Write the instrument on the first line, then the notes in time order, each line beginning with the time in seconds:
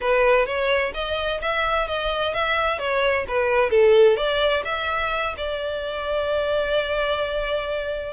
violin
0.00 B4
0.45 C#5
0.94 D#5
1.41 E5
1.87 D#5
2.33 E5
2.78 C#5
3.27 B4
3.70 A4
4.16 D5
4.64 E5
5.37 D5